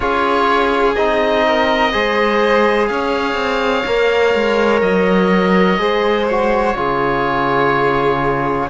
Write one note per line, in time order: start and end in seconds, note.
0.00 0.96 C#4
0.00 0.95 F4
0.00 1.46 G#4
0.00 0.94 C#5
0.94 1.93 C4
0.94 1.91 D#4
0.94 2.86 D#5
1.47 1.92 A#4
1.91 2.89 G#3
1.91 3.85 G#4
1.91 2.89 C5
2.86 3.34 C#4
2.86 5.80 C#5
2.86 4.80 F5
3.34 3.82 C4
3.86 4.34 A#3
3.86 5.78 A#4
4.34 4.81 G#3
4.81 5.78 F#3
4.81 6.26 D#5
5.78 6.74 G#3
5.78 6.27 G#4
5.78 6.76 C5
6.27 6.76 F#4
6.27 8.69 C#5
6.75 8.69 C#3
6.75 8.69 F4
6.75 8.70 G#4